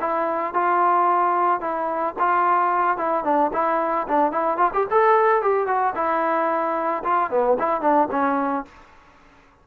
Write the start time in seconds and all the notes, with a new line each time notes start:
0.00 E4
0.54 F4
1.61 E4
2.19 F4
2.98 E4
3.24 D4
3.53 E4
4.08 D4
4.32 E4
4.57 F4
4.73 G4
4.91 A4
5.42 G4
5.67 F#4
5.95 E4
7.04 F4
7.30 B3
7.59 E4
7.81 D4
8.11 C#4